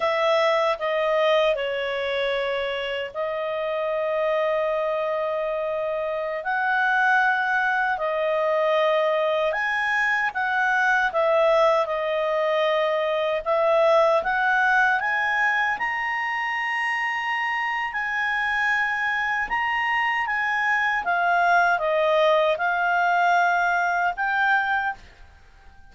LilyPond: \new Staff \with { instrumentName = "clarinet" } { \time 4/4 \tempo 4 = 77 e''4 dis''4 cis''2 | dis''1~ | dis''16 fis''2 dis''4.~ dis''16~ | dis''16 gis''4 fis''4 e''4 dis''8.~ |
dis''4~ dis''16 e''4 fis''4 gis''8.~ | gis''16 ais''2~ ais''8. gis''4~ | gis''4 ais''4 gis''4 f''4 | dis''4 f''2 g''4 | }